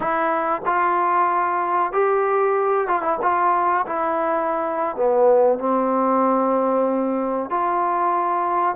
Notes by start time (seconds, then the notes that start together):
0.00 E4
0.65 F4
1.92 G4
2.87 F4
3.02 E4
3.21 F4
3.86 E4
4.96 B3
5.58 C4
7.50 F4